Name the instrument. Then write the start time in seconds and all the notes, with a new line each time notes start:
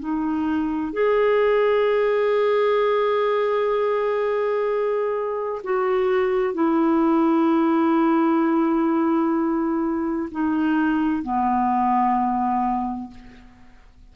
clarinet
0.00 D#4
0.93 G#4
5.64 F#4
6.55 E4
10.32 D#4
11.23 B3